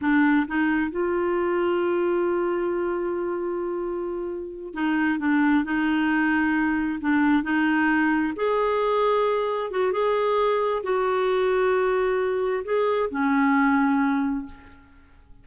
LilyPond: \new Staff \with { instrumentName = "clarinet" } { \time 4/4 \tempo 4 = 133 d'4 dis'4 f'2~ | f'1~ | f'2~ f'8 dis'4 d'8~ | d'8 dis'2. d'8~ |
d'8 dis'2 gis'4.~ | gis'4. fis'8 gis'2 | fis'1 | gis'4 cis'2. | }